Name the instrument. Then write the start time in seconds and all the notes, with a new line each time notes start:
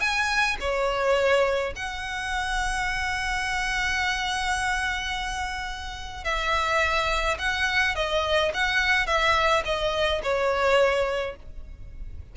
violin
0.00 G#5
0.60 C#5
1.76 F#5
6.24 E5
7.38 F#5
7.95 D#5
8.54 F#5
9.06 E5
9.65 D#5
10.23 C#5